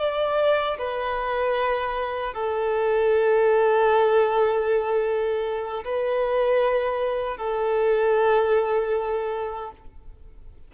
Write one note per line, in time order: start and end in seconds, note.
0.00 0.78 D5
0.79 2.34 B4
2.34 5.84 A4
5.84 7.37 B4
7.37 9.71 A4